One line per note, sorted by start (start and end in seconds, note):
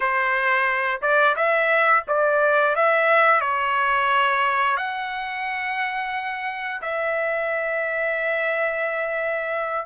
0.00 1.01 C5
1.01 1.35 D5
1.35 2.04 E5
2.07 2.75 D5
2.75 3.40 E5
3.40 4.76 C#5
4.76 6.81 F#5
6.81 9.85 E5